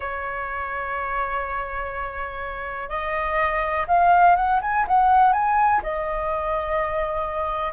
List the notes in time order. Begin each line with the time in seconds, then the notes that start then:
0.00 C#5
2.89 D#5
3.87 F5
4.35 F#5
4.61 G#5
4.87 F#5
5.32 G#5
5.82 D#5